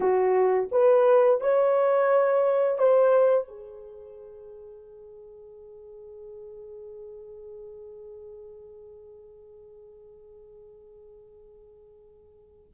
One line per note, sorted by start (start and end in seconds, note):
0.00 0.69 F#4
0.71 1.40 B4
1.40 2.78 C#5
2.78 3.48 C5
3.48 12.72 G#4